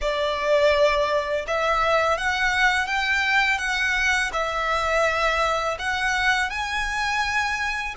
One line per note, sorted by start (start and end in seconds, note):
0.01 1.45 D5
1.47 2.17 E5
2.17 2.87 F#5
2.87 3.58 G5
3.58 4.30 F#5
4.32 5.77 E5
5.78 6.50 F#5
6.50 7.94 G#5